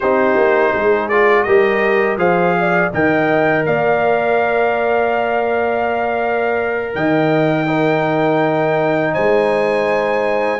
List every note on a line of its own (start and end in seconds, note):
0.00 0.36 C4
0.00 1.11 D#4
0.00 0.72 G4
0.00 1.09 C5
0.36 0.73 A#3
0.72 1.46 G#3
0.72 1.45 G#4
1.09 1.47 F4
1.09 1.43 D5
1.43 2.17 G3
1.43 2.18 G4
1.43 2.18 A#4
1.43 2.16 D#5
2.17 2.90 F3
2.17 2.91 G#4
2.17 2.55 C5
2.17 2.92 F5
2.59 2.93 D5
2.93 3.66 D#3
2.93 7.66 A#4
2.93 3.67 D#5
2.93 3.65 G5
3.65 6.95 A#3
3.65 6.95 D5
3.65 6.95 F5
6.95 9.14 D#3
6.95 7.67 D#5
6.95 9.14 G5
7.66 10.59 D#4
7.66 9.13 A#4
9.13 10.59 G#3
9.13 10.59 C5
9.13 10.59 G#5